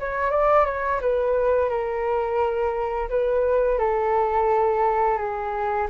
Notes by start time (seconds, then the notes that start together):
0.00 C#5
0.31 D5
0.66 C#5
1.01 B4
1.70 A#4
3.10 B4
3.79 A4
5.18 G#4